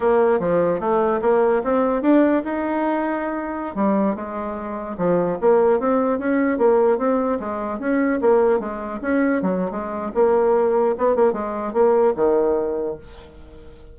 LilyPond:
\new Staff \with { instrumentName = "bassoon" } { \time 4/4 \tempo 4 = 148 ais4 f4 a4 ais4 | c'4 d'4 dis'2~ | dis'4~ dis'16 g4 gis4.~ gis16~ | gis16 f4 ais4 c'4 cis'8.~ |
cis'16 ais4 c'4 gis4 cis'8.~ | cis'16 ais4 gis4 cis'4 fis8. | gis4 ais2 b8 ais8 | gis4 ais4 dis2 | }